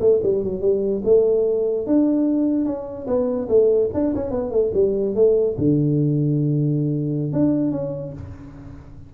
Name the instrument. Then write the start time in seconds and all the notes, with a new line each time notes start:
tuba
0.00 A3
0.23 G3
0.43 F#3
0.61 G3
1.04 A3
1.87 D4
2.65 C#4
3.07 B3
3.49 A3
3.94 D4
4.15 C#4
4.30 B3
4.51 A3
4.74 G3
5.15 A3
5.58 D3
7.32 D4
7.71 C#4